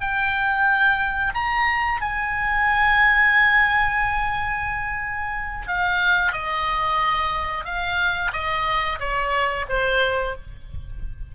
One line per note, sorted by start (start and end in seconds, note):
0.00 1.33 G5
1.34 2.01 A#5
2.01 5.67 G#5
5.67 6.32 F5
6.32 7.65 D#5
7.65 8.31 F5
8.32 8.99 D#5
8.99 9.66 C#5
9.68 10.35 C5